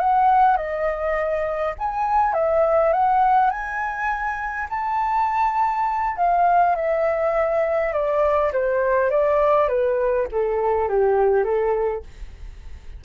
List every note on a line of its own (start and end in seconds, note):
0.00 0.57 F#5
0.57 1.75 D#5
1.79 2.34 G#5
2.34 2.93 E5
2.93 3.51 F#5
3.51 4.68 G#5
4.70 6.17 A5
6.17 6.76 F5
6.76 7.93 E5
7.93 8.52 D5
8.53 9.11 C5
9.11 9.69 D5
9.69 10.28 B4
10.32 10.89 A4
10.89 11.44 G4
11.44 12.03 A4